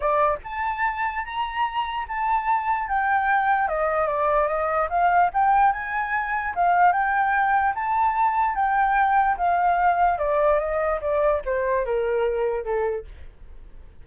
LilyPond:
\new Staff \with { instrumentName = "flute" } { \time 4/4 \tempo 4 = 147 d''4 a''2 ais''4~ | ais''4 a''2 g''4~ | g''4 dis''4 d''4 dis''4 | f''4 g''4 gis''2 |
f''4 g''2 a''4~ | a''4 g''2 f''4~ | f''4 d''4 dis''4 d''4 | c''4 ais'2 a'4 | }